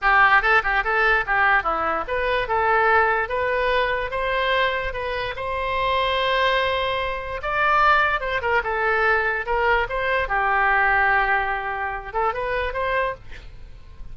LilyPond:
\new Staff \with { instrumentName = "oboe" } { \time 4/4 \tempo 4 = 146 g'4 a'8 g'8 a'4 g'4 | e'4 b'4 a'2 | b'2 c''2 | b'4 c''2.~ |
c''2 d''2 | c''8 ais'8 a'2 ais'4 | c''4 g'2.~ | g'4. a'8 b'4 c''4 | }